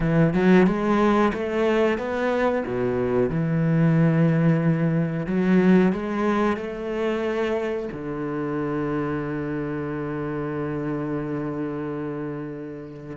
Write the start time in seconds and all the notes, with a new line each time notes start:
0.00 E3
0.33 F#3
0.66 G#3
1.33 A3
1.98 B3
2.66 B2
3.29 E3
5.26 F#3
5.92 G#3
6.57 A3
7.92 D3